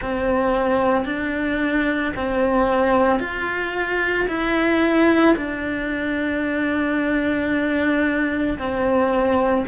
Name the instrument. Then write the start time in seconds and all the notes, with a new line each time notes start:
cello
0.01 C4
1.05 D4
2.15 C4
3.19 F4
4.28 E4
5.36 D4
8.58 C4